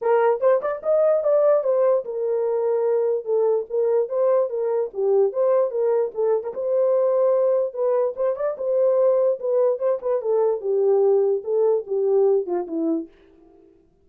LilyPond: \new Staff \with { instrumentName = "horn" } { \time 4/4 \tempo 4 = 147 ais'4 c''8 d''8 dis''4 d''4 | c''4 ais'2. | a'4 ais'4 c''4 ais'4 | g'4 c''4 ais'4 a'8. ais'16 |
c''2. b'4 | c''8 d''8 c''2 b'4 | c''8 b'8 a'4 g'2 | a'4 g'4. f'8 e'4 | }